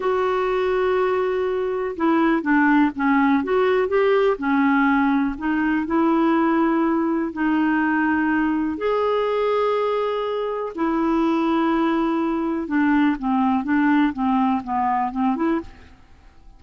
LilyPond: \new Staff \with { instrumentName = "clarinet" } { \time 4/4 \tempo 4 = 123 fis'1 | e'4 d'4 cis'4 fis'4 | g'4 cis'2 dis'4 | e'2. dis'4~ |
dis'2 gis'2~ | gis'2 e'2~ | e'2 d'4 c'4 | d'4 c'4 b4 c'8 e'8 | }